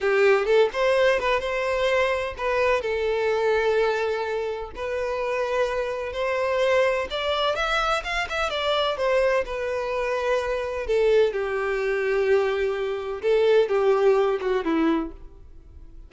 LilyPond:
\new Staff \with { instrumentName = "violin" } { \time 4/4 \tempo 4 = 127 g'4 a'8 c''4 b'8 c''4~ | c''4 b'4 a'2~ | a'2 b'2~ | b'4 c''2 d''4 |
e''4 f''8 e''8 d''4 c''4 | b'2. a'4 | g'1 | a'4 g'4. fis'8 e'4 | }